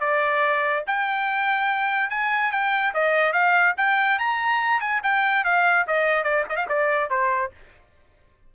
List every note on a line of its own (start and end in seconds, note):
0.00 0.83 D5
0.87 2.10 G5
2.10 2.52 G#5
2.52 2.93 G5
2.94 3.33 D#5
3.33 3.74 F5
3.77 4.19 G5
4.19 4.80 A#5
4.80 5.01 G#5
5.03 5.45 G5
5.45 5.86 F5
5.87 6.23 D#5
6.23 6.44 D5
6.49 6.56 D#5
6.56 6.66 F5
6.69 7.10 D5
7.10 7.52 C5